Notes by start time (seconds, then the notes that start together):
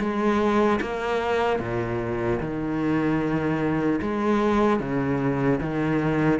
0.00 G#3
0.81 A#3
1.60 A#2
2.40 D#3
4.02 G#3
4.80 C#3
5.61 D#3